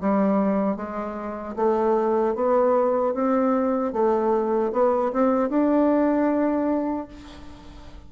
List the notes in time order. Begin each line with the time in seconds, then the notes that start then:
0.00 G3
0.76 G#3
1.56 A3
2.35 B3
3.14 C4
3.93 A3
4.72 B3
5.12 C4
5.49 D4